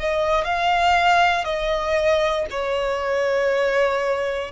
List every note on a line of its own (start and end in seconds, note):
0.00 0.44 D#5
0.44 1.45 F5
1.45 2.46 D#5
2.51 4.52 C#5